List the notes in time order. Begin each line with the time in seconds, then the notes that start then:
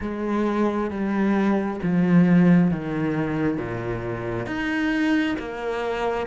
0.00 G#3
0.90 G3
1.82 F3
2.70 D#3
3.57 A#2
4.46 D#4
5.38 A#3